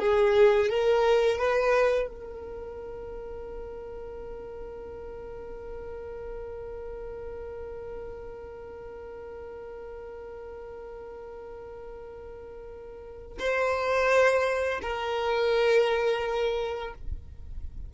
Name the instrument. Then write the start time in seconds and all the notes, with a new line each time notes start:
violin
0.00 G#4
0.70 A#4
1.38 B4
2.09 A#4
13.40 C5
14.82 A#4